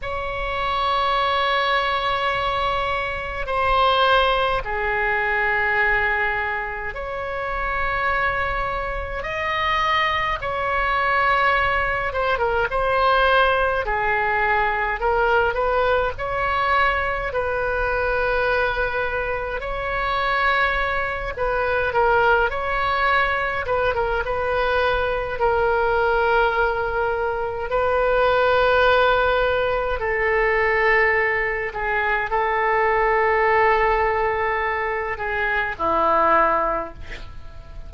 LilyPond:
\new Staff \with { instrumentName = "oboe" } { \time 4/4 \tempo 4 = 52 cis''2. c''4 | gis'2 cis''2 | dis''4 cis''4. c''16 ais'16 c''4 | gis'4 ais'8 b'8 cis''4 b'4~ |
b'4 cis''4. b'8 ais'8 cis''8~ | cis''8 b'16 ais'16 b'4 ais'2 | b'2 a'4. gis'8 | a'2~ a'8 gis'8 e'4 | }